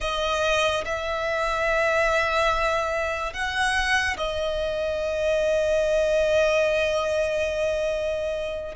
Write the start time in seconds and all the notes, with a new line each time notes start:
0.00 D#5
0.85 E5
3.33 F#5
4.17 D#5